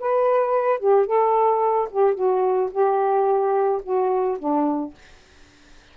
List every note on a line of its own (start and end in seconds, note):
0.00 0.80 B4
0.80 1.06 G4
1.06 1.89 A4
1.91 2.15 G4
2.15 2.70 F#4
2.71 3.82 G4
3.83 4.38 F#4
4.39 4.94 D4